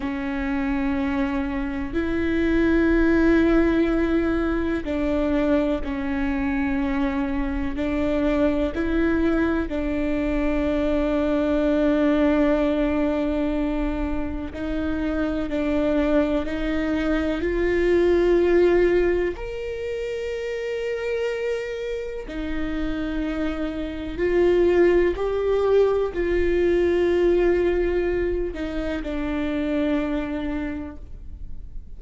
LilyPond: \new Staff \with { instrumentName = "viola" } { \time 4/4 \tempo 4 = 62 cis'2 e'2~ | e'4 d'4 cis'2 | d'4 e'4 d'2~ | d'2. dis'4 |
d'4 dis'4 f'2 | ais'2. dis'4~ | dis'4 f'4 g'4 f'4~ | f'4. dis'8 d'2 | }